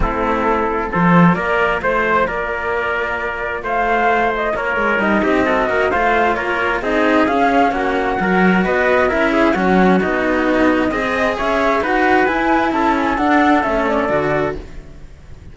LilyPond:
<<
  \new Staff \with { instrumentName = "flute" } { \time 4/4 \tempo 4 = 132 a'2 c''4 d''4 | c''4 d''2. | f''4. dis''8 cis''4 dis''4~ | dis''4 f''4 cis''4 dis''4 |
f''4 fis''2 dis''4 | e''4 fis''4 dis''2~ | dis''4 e''4 fis''4 gis''4 | a''8 gis''8 fis''4 e''8 d''4. | }
  \new Staff \with { instrumentName = "trumpet" } { \time 4/4 e'2 a'4 ais'4 | c''4 ais'2. | c''2 ais'4. g'8 | a'8 ais'8 c''4 ais'4 gis'4~ |
gis'4 fis'4 ais'4 b'4 | ais'8 gis'8 fis'2. | dis''4 cis''4 b'2 | a'1 | }
  \new Staff \with { instrumentName = "cello" } { \time 4/4 c'2 f'2~ | f'1~ | f'2. dis'4 | fis'4 f'2 dis'4 |
cis'2 fis'2 | e'4 cis'4 dis'2 | gis'2 fis'4 e'4~ | e'4 d'4 cis'4 fis'4 | }
  \new Staff \with { instrumentName = "cello" } { \time 4/4 a2 f4 ais4 | a4 ais2. | a2 ais8 gis8 g8 c'8~ | c'8 ais8 a4 ais4 c'4 |
cis'4 ais4 fis4 b4 | cis'4 fis4 b2 | c'4 cis'4 dis'4 e'4 | cis'4 d'4 a4 d4 | }
>>